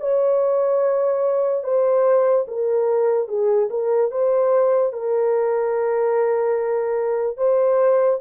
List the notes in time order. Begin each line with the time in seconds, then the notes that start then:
0.00 C#5
1.63 C5
2.47 A#4
3.28 G#4
3.70 A#4
4.11 C5
4.93 A#4
7.37 C5